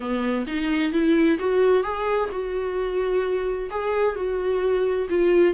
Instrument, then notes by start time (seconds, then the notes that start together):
viola
0.00 B3
0.46 D#4
0.92 E4
1.39 F#4
1.83 G#4
2.31 F#4
3.70 G#4
4.15 F#4
5.09 F4